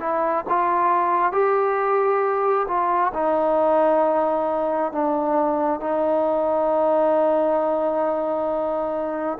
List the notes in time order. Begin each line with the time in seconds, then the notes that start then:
0.00 E4
0.49 F4
1.32 G4
2.68 F4
3.14 D#4
4.92 D4
5.80 D#4